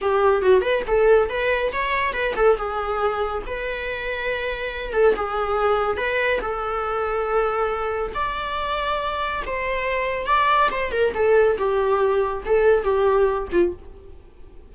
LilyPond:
\new Staff \with { instrumentName = "viola" } { \time 4/4 \tempo 4 = 140 g'4 fis'8 b'8 a'4 b'4 | cis''4 b'8 a'8 gis'2 | b'2.~ b'8 a'8 | gis'2 b'4 a'4~ |
a'2. d''4~ | d''2 c''2 | d''4 c''8 ais'8 a'4 g'4~ | g'4 a'4 g'4. f'8 | }